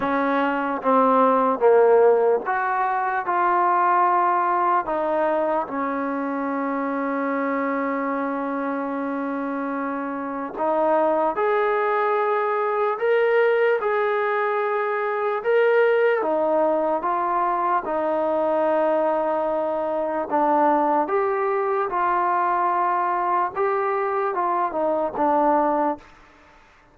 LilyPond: \new Staff \with { instrumentName = "trombone" } { \time 4/4 \tempo 4 = 74 cis'4 c'4 ais4 fis'4 | f'2 dis'4 cis'4~ | cis'1~ | cis'4 dis'4 gis'2 |
ais'4 gis'2 ais'4 | dis'4 f'4 dis'2~ | dis'4 d'4 g'4 f'4~ | f'4 g'4 f'8 dis'8 d'4 | }